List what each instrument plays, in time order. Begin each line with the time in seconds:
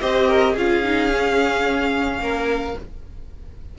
0.00 cello C4, viola G4, violin C5 D#5
0.28 violin A#4
0.53 cello C#4, viola F4, violin G#4 F5
0.83 viola D#4
1.10 viola C#4
2.19 cello A#3, violin A#4